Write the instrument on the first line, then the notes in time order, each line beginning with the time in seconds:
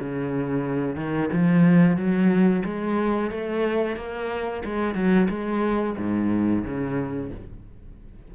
cello
0.00 C#3
0.96 D#3
1.33 F3
1.97 F#3
2.65 G#3
3.31 A3
3.97 A#3
4.65 G#3
4.95 F#3
5.30 G#3
5.98 G#2
6.65 C#3